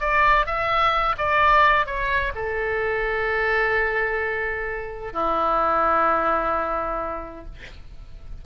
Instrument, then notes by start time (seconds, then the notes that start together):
oboe
0.00 D5
0.46 E5
1.18 D5
1.86 C#5
2.35 A4
5.13 E4